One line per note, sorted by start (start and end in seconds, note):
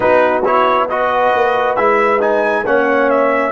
0.00 1.32 B3
0.00 0.42 D#4
0.00 0.86 F#4
0.00 0.42 B4
0.44 0.89 E4
0.44 0.88 C#5
0.88 1.77 F#4
0.88 2.64 B4
0.88 1.76 D#5
1.33 1.76 A#3
1.76 2.64 G#3
1.76 2.20 E4
1.76 2.20 E5
2.20 2.64 D#4
2.20 2.65 G#5
2.65 3.51 A#3
2.65 3.51 C#4
2.65 3.51 C#5
2.65 3.10 F#5
3.10 3.51 E5